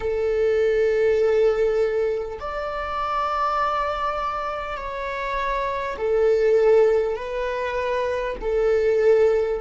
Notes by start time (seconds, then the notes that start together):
0.00 A4
2.40 D5
4.77 C#5
5.97 A4
7.16 B4
8.41 A4